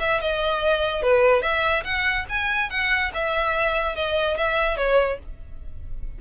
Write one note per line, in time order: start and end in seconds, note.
0.00 0.21 E5
0.21 1.02 D#5
1.02 1.42 B4
1.42 1.84 E5
1.84 2.26 F#5
2.29 2.70 G#5
2.70 3.12 F#5
3.14 3.96 E5
3.96 4.37 D#5
4.37 4.77 E5
4.77 5.19 C#5